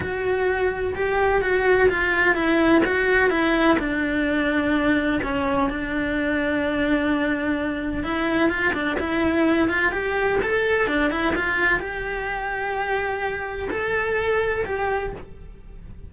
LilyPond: \new Staff \with { instrumentName = "cello" } { \time 4/4 \tempo 4 = 127 fis'2 g'4 fis'4 | f'4 e'4 fis'4 e'4 | d'2. cis'4 | d'1~ |
d'4 e'4 f'8 d'8 e'4~ | e'8 f'8 g'4 a'4 d'8 e'8 | f'4 g'2.~ | g'4 a'2 g'4 | }